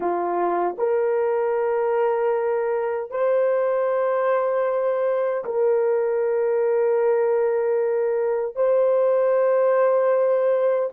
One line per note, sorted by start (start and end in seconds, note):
0.00 0.75 F4
0.78 3.10 A#4
3.10 5.44 C5
5.44 8.55 A#4
8.55 10.89 C5